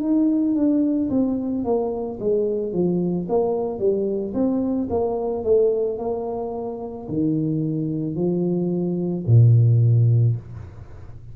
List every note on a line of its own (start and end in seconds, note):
0.00 0.55 D#4
0.55 1.09 D4
1.10 1.64 C4
1.64 2.19 A#3
2.20 2.73 G#3
2.73 3.27 F3
3.29 3.79 A#3
3.79 4.33 G3
4.34 4.88 C4
4.90 5.44 A#3
5.44 5.99 A3
5.99 7.08 A#3
7.08 8.15 D#3
8.15 9.24 F3
9.27 10.36 A#2